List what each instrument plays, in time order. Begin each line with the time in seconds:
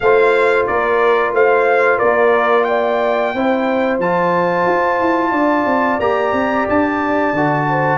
0.00 tuba A3, trombone F4, horn C5, trumpet F5
0.67 tuba A#3, horn A#4, trumpet D5
1.32 tuba A3, horn C5, trumpet F5
1.97 tuba A#3, horn A#4, trumpet D5
2.64 horn D5, trumpet G5
3.33 tuba C4, trombone E4, horn C5
3.98 tuba F3, trombone F4, trumpet A5
4.66 tuba F4
4.99 tuba E4
5.31 tuba D4, horn D5
5.65 tuba C4
5.99 tuba A#3, trombone G4, trumpet A#5
6.32 tuba C4
6.68 tuba D4, trumpet A5
7.33 tuba D3, trombone F#4
7.69 horn C5